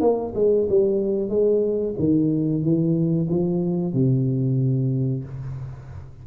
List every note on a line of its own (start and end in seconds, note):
0.00 0.33 A#3
0.34 0.67 G#3
0.68 1.29 G3
1.29 1.94 G#3
1.99 2.62 D#3
2.62 3.28 E3
3.29 3.93 F3
3.93 5.24 C3